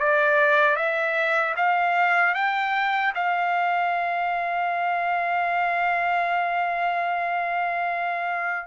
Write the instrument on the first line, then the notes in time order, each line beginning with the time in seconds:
trumpet
0.00 D5
0.76 E5
1.57 F5
2.35 G5
3.15 F5